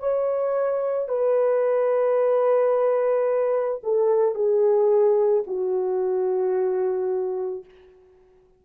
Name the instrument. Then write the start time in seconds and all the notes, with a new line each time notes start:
horn
0.00 C#5
1.09 B4
3.84 A4
4.35 G#4
5.47 F#4